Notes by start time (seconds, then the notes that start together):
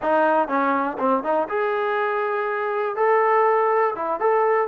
0.02 D#4
0.48 C#4
0.99 C4
1.23 D#4
1.49 G#4
2.96 A4
3.95 E4
4.20 A4